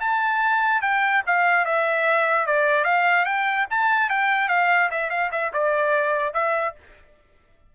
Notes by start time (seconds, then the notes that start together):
0.00 A5
0.82 G5
1.26 F5
1.65 E5
2.46 D5
2.84 F5
3.25 G5
3.70 A5
4.10 G5
4.49 F5
4.91 E5
5.10 F5
5.32 E5
5.53 D5
6.34 E5